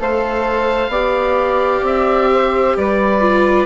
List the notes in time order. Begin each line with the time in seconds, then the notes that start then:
0.00 A3 A4 C5 F5
0.89 B3 G4 D5
1.82 C4 E5
2.34 C5
2.77 G3 B4 D5
3.21 F4